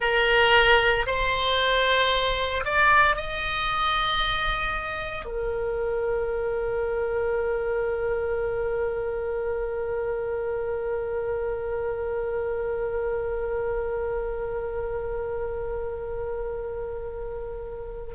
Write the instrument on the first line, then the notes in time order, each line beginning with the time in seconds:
oboe
0.00 A#4
1.06 C5
2.64 D5
3.16 D#5
5.25 A#4